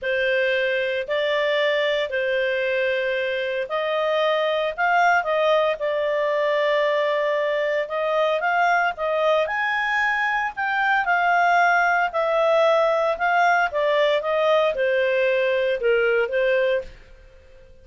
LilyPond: \new Staff \with { instrumentName = "clarinet" } { \time 4/4 \tempo 4 = 114 c''2 d''2 | c''2. dis''4~ | dis''4 f''4 dis''4 d''4~ | d''2. dis''4 |
f''4 dis''4 gis''2 | g''4 f''2 e''4~ | e''4 f''4 d''4 dis''4 | c''2 ais'4 c''4 | }